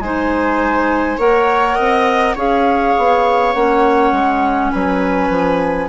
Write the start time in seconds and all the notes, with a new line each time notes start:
0.00 G#3 D#4 C5 G#5
1.18 A#3 A#4 C#5 F#5
1.75 C4 D#5
2.35 C#4 G#4 C#5 F5
2.98 B3
3.54 A#3 C#4 F#5
4.12 G#3
4.72 F#3 B4 G#5
5.30 F3